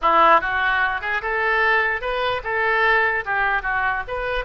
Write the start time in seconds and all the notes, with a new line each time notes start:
0.01 E4
0.41 F#4
1.01 G#4
1.22 A4
2.01 B4
2.43 A4
3.25 G4
3.62 F#4
4.07 B4